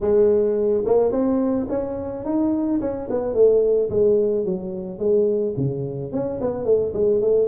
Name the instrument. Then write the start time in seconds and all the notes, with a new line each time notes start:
tuba
0.00 G#3
0.85 A#3
1.11 C4
1.69 C#4
2.24 D#4
2.80 C#4
3.10 B3
3.34 A3
3.90 G#3
4.45 F#3
4.98 G#3
5.57 C#3
6.12 C#4
6.40 B3
6.65 A3
6.93 G#3
7.21 A3